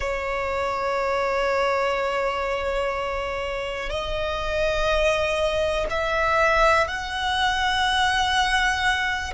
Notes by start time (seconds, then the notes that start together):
0.00 C#5
3.89 D#5
5.90 E5
6.87 F#5